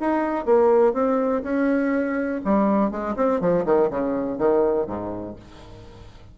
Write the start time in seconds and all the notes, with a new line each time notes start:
0.00 D#4
0.45 A#3
0.93 C4
1.43 C#4
2.45 G3
2.91 G#3
3.16 C4
3.40 F3
3.65 D#3
3.90 C#3
4.38 D#3
4.87 G#2